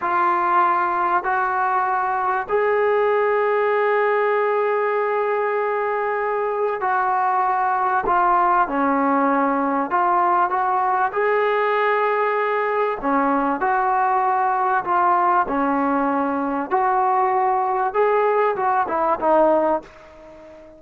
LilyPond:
\new Staff \with { instrumentName = "trombone" } { \time 4/4 \tempo 4 = 97 f'2 fis'2 | gis'1~ | gis'2. fis'4~ | fis'4 f'4 cis'2 |
f'4 fis'4 gis'2~ | gis'4 cis'4 fis'2 | f'4 cis'2 fis'4~ | fis'4 gis'4 fis'8 e'8 dis'4 | }